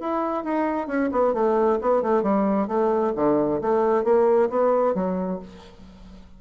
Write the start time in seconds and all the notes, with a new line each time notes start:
0.00 E4
0.44 D#4
0.87 C#4
1.12 B3
1.34 A3
1.81 B3
2.03 A3
2.23 G3
2.68 A3
3.16 D3
3.61 A3
4.04 A#3
4.49 B3
4.94 F#3